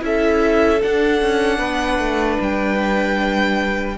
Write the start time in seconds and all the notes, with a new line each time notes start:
0.00 C#4 E4 A4 E5
0.82 D4 F#5
1.21 C#4
1.58 B3 B4
1.98 A3
2.40 G3 G5